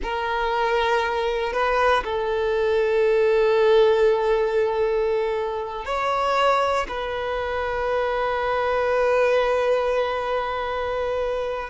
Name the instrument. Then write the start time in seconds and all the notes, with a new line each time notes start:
violin
0.02 A#4
1.52 B4
2.04 A4
5.85 C#5
6.88 B4